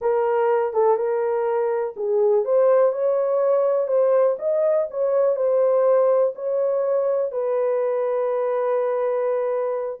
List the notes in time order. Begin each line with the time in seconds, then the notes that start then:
0.01 A#4
0.73 A4
0.96 A#4
1.96 G#4
2.45 C5
2.92 C#5
3.87 C5
4.39 D#5
4.90 C#5
5.36 C5
6.35 C#5
7.31 B4